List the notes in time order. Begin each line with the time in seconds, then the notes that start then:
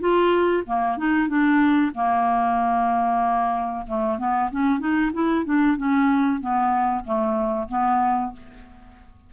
0.00 F4
0.67 A#3
0.98 D#4
1.29 D4
1.95 A#3
3.87 A3
4.19 B3
4.51 C#4
4.80 D#4
5.13 E4
5.45 D4
5.77 C#4
6.41 B3
7.05 A3
7.69 B3